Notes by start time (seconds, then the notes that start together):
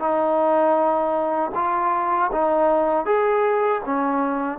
0.00 D#4
1.55 F4
2.33 D#4
3.06 G#4
3.86 C#4